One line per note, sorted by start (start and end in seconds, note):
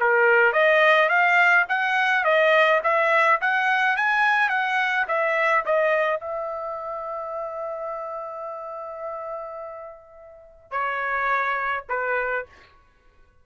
0.00 0.53 A#4
0.53 1.09 D#5
1.09 1.66 F5
1.69 2.25 F#5
2.25 2.81 D#5
2.84 3.40 E5
3.41 3.97 F#5
3.97 4.49 G#5
4.49 5.06 F#5
5.08 5.64 E5
5.66 6.21 D#5
6.21 10.71 E5
10.71 11.85 C#5
11.89 12.46 B4